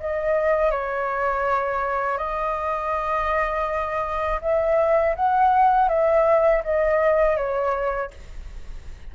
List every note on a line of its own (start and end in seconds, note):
0.00 0.71 D#5
0.71 2.18 C#5
2.18 4.40 D#5
4.42 5.16 E5
5.16 5.89 F#5
5.89 6.63 E5
6.64 7.37 D#5
7.37 8.11 C#5